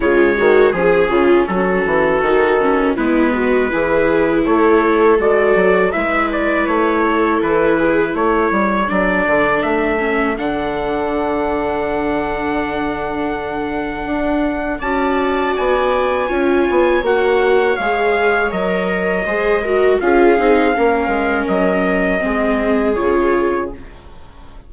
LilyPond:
<<
  \new Staff \with { instrumentName = "trumpet" } { \time 4/4 \tempo 4 = 81 cis''4 gis'4 a'2 | b'2 cis''4 d''4 | e''8 d''8 cis''4 b'4 cis''4 | d''4 e''4 fis''2~ |
fis''1 | a''4 gis''2 fis''4 | f''4 dis''2 f''4~ | f''4 dis''2 cis''4 | }
  \new Staff \with { instrumentName = "viola" } { \time 4/4 f'8 fis'8 gis'8 f'8 fis'2 | e'8 fis'8 gis'4 a'2 | b'4. a'4 gis'8 a'4~ | a'1~ |
a'1 | d''2 cis''2~ | cis''2 c''8 ais'8 gis'4 | ais'2 gis'2 | }
  \new Staff \with { instrumentName = "viola" } { \time 4/4 gis4 cis'2 dis'8 cis'8 | b4 e'2 fis'4 | e'1 | d'4. cis'8 d'2~ |
d'1 | fis'2 f'4 fis'4 | gis'4 ais'4 gis'8 fis'8 f'8 dis'8 | cis'2 c'4 f'4 | }
  \new Staff \with { instrumentName = "bassoon" } { \time 4/4 cis8 dis8 f8 cis8 fis8 e8 dis4 | gis4 e4 a4 gis8 fis8 | gis4 a4 e4 a8 g8 | fis8 d8 a4 d2~ |
d2. d'4 | cis'4 b4 cis'8 b8 ais4 | gis4 fis4 gis4 cis'8 c'8 | ais8 gis8 fis4 gis4 cis4 | }
>>